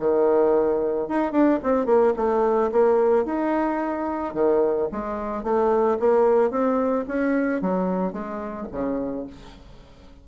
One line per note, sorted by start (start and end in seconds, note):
0.00 1.09 D#3
1.09 1.32 D#4
1.32 1.59 D4
1.63 1.86 C4
1.86 2.14 A#3
2.17 2.71 A3
2.72 3.25 A#3
3.25 4.34 D#4
4.34 4.89 D#3
4.92 5.44 G#3
5.44 5.98 A3
6.00 6.51 A#3
6.51 7.05 C4
7.08 7.62 C#4
7.62 8.13 F#3
8.13 8.68 G#3
8.72 9.27 C#3